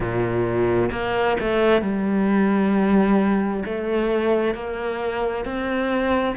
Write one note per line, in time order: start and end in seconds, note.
0.00 0.90 A#2
0.91 1.37 A#3
1.40 1.81 A3
1.81 3.63 G3
3.65 4.54 A3
4.54 5.44 A#3
5.44 6.35 C4